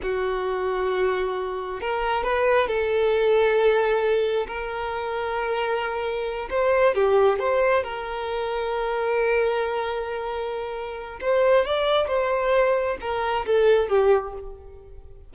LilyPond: \new Staff \with { instrumentName = "violin" } { \time 4/4 \tempo 4 = 134 fis'1 | ais'4 b'4 a'2~ | a'2 ais'2~ | ais'2~ ais'8 c''4 g'8~ |
g'8 c''4 ais'2~ ais'8~ | ais'1~ | ais'4 c''4 d''4 c''4~ | c''4 ais'4 a'4 g'4 | }